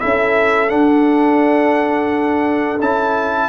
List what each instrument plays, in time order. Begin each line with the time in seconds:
0.00 tuba C#4, trombone E4, horn A4, trumpet E5
0.69 trombone D4, tuba D4, trumpet F#5
2.80 tuba C#4, trombone E4, trumpet A5